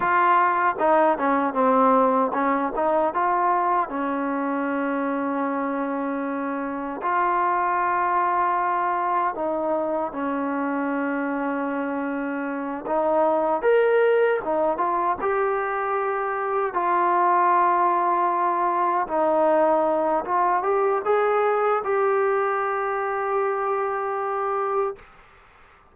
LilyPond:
\new Staff \with { instrumentName = "trombone" } { \time 4/4 \tempo 4 = 77 f'4 dis'8 cis'8 c'4 cis'8 dis'8 | f'4 cis'2.~ | cis'4 f'2. | dis'4 cis'2.~ |
cis'8 dis'4 ais'4 dis'8 f'8 g'8~ | g'4. f'2~ f'8~ | f'8 dis'4. f'8 g'8 gis'4 | g'1 | }